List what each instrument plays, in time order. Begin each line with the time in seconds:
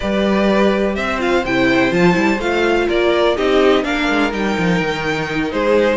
0.00 cello G3, viola G4, violin B4 D5
0.95 cello C4, violin C5 E5
1.18 viola F4, violin F5
1.45 cello C3, viola E4, violin G5
1.91 cello F3, viola F4, violin A5
2.13 cello G3, viola E4
2.39 cello A3, viola F4, violin F5
2.88 cello A#3, violin A#4 D5
3.36 cello C4, viola D#4, violin G4 D#5
3.83 cello A#3, viola D4, violin A#4 F5
4.09 cello G#3
4.31 cello G3, viola D#4, violin G5
4.57 cello F3
4.80 cello D#3
5.51 cello G#3, violin G#4 C5